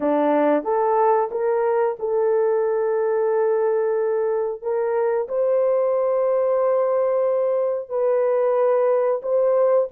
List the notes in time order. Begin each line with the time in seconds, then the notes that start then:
0.00 D4
0.63 A4
1.31 A#4
1.99 A4
4.62 A#4
5.28 C5
7.89 B4
9.22 C5